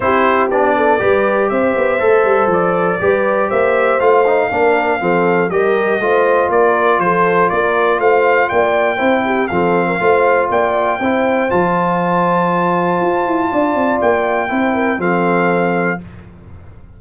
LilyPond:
<<
  \new Staff \with { instrumentName = "trumpet" } { \time 4/4 \tempo 4 = 120 c''4 d''2 e''4~ | e''4 d''2 e''4 | f''2. dis''4~ | dis''4 d''4 c''4 d''4 |
f''4 g''2 f''4~ | f''4 g''2 a''4~ | a''1 | g''2 f''2 | }
  \new Staff \with { instrumentName = "horn" } { \time 4/4 g'4. a'8 b'4 c''4~ | c''2 b'4 c''4~ | c''4 ais'4 a'4 ais'4 | c''4 ais'4 a'4 ais'4 |
c''4 d''4 c''8 g'8 a'8. ais'16 | c''4 d''4 c''2~ | c''2. d''4~ | d''4 c''8 ais'8 a'2 | }
  \new Staff \with { instrumentName = "trombone" } { \time 4/4 e'4 d'4 g'2 | a'2 g'2 | f'8 dis'8 d'4 c'4 g'4 | f'1~ |
f'2 e'4 c'4 | f'2 e'4 f'4~ | f'1~ | f'4 e'4 c'2 | }
  \new Staff \with { instrumentName = "tuba" } { \time 4/4 c'4 b4 g4 c'8 b8 | a8 g8 f4 g4 ais4 | a4 ais4 f4 g4 | a4 ais4 f4 ais4 |
a4 ais4 c'4 f4 | a4 ais4 c'4 f4~ | f2 f'8 e'8 d'8 c'8 | ais4 c'4 f2 | }
>>